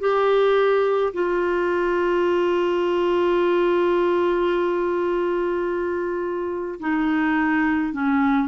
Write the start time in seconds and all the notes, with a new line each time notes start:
0.00 G4
1.14 F4
6.80 D#4
7.93 C#4